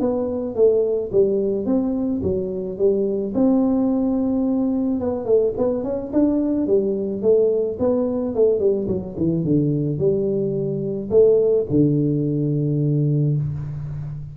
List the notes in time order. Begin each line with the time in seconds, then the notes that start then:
0.00 B3
0.56 A3
1.12 G3
1.66 C4
2.23 F#3
2.78 G3
3.35 C4
5.00 B3
5.26 A3
5.58 B3
5.84 C#4
6.13 D4
6.67 G3
7.22 A3
7.79 B3
8.35 A3
8.60 G3
8.88 F#3
9.17 E3
9.44 D3
9.99 G3
11.11 A3
11.70 D3